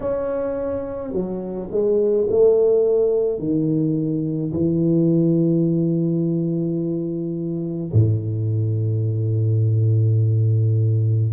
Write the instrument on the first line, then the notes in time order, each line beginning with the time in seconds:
tuba
0.00 C#4
1.12 F#3
1.71 G#3
2.29 A3
3.38 D#3
4.52 E3
7.92 A2